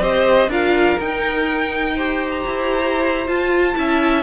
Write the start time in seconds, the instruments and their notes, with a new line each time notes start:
0.00 cello C4, viola G4, violin C5 D#5
0.48 cello D4, viola F4, violin A#4 F5
1.00 cello D#4, viola D#4, violin G5
1.95 viola G4, violin C5
2.31 violin A#5
2.46 cello E4
3.28 viola F4, cello F4, violin A5
3.75 cello C#4, viola E4, violin E5